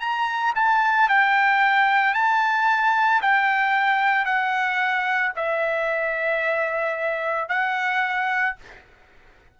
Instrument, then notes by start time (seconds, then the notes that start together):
trumpet
0.00 A#5
0.56 A5
1.09 G5
2.14 A5
3.22 G5
4.25 F#5
5.36 E5
7.49 F#5